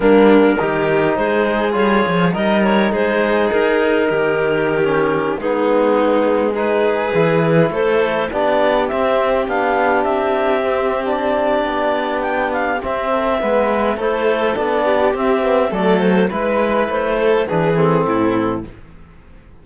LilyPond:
<<
  \new Staff \with { instrumentName = "clarinet" } { \time 4/4 \tempo 4 = 103 ais'2 c''4 cis''4 | dis''8 cis''8 c''4 ais'2~ | ais'4~ ais'16 gis'2 b'8.~ | b'4~ b'16 c''4 d''4 e''8.~ |
e''16 f''4 e''4.~ e''16 d''4~ | d''4 g''8 f''8 e''2 | c''4 d''4 e''4 d''8 c''8 | b'4 c''4 b'8 a'4. | }
  \new Staff \with { instrumentName = "violin" } { \time 4/4 d'4 g'4 gis'2 | ais'4 gis'2 g'4~ | g'4~ g'16 dis'2 gis'8.~ | gis'4~ gis'16 a'4 g'4.~ g'16~ |
g'1~ | g'2~ g'8 a'8 b'4 | a'4. g'4. a'4 | b'4. a'8 gis'4 e'4 | }
  \new Staff \with { instrumentName = "trombone" } { \time 4/4 ais4 dis'2 f'4 | dis'1~ | dis'16 cis'4 b2 dis'8.~ | dis'16 e'2 d'4 c'8.~ |
c'16 d'2 c'8. d'4~ | d'2 c'4 b4 | e'4 d'4 c'8 b8 a4 | e'2 d'8 c'4. | }
  \new Staff \with { instrumentName = "cello" } { \time 4/4 g4 dis4 gis4 g8 f8 | g4 gis4 dis'4 dis4~ | dis4~ dis16 gis2~ gis8.~ | gis16 e4 a4 b4 c'8.~ |
c'16 b4 c'2~ c'8. | b2 c'4 gis4 | a4 b4 c'4 fis4 | gis4 a4 e4 a,4 | }
>>